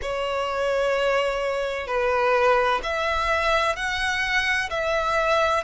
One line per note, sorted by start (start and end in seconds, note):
0.02 1.87 C#5
1.87 2.80 B4
2.83 3.75 E5
3.75 4.69 F#5
4.70 5.63 E5